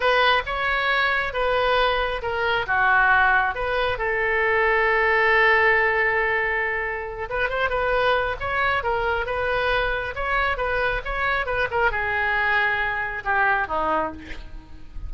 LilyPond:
\new Staff \with { instrumentName = "oboe" } { \time 4/4 \tempo 4 = 136 b'4 cis''2 b'4~ | b'4 ais'4 fis'2 | b'4 a'2.~ | a'1~ |
a'8 b'8 c''8 b'4. cis''4 | ais'4 b'2 cis''4 | b'4 cis''4 b'8 ais'8 gis'4~ | gis'2 g'4 dis'4 | }